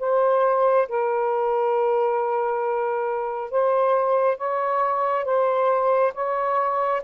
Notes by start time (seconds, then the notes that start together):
0.00 C5
0.89 A#4
3.51 C5
4.38 C#5
5.25 C5
6.14 C#5